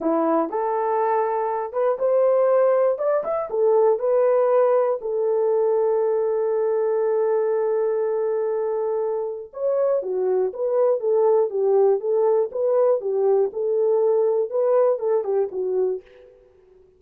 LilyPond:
\new Staff \with { instrumentName = "horn" } { \time 4/4 \tempo 4 = 120 e'4 a'2~ a'8 b'8 | c''2 d''8 e''8 a'4 | b'2 a'2~ | a'1~ |
a'2. cis''4 | fis'4 b'4 a'4 g'4 | a'4 b'4 g'4 a'4~ | a'4 b'4 a'8 g'8 fis'4 | }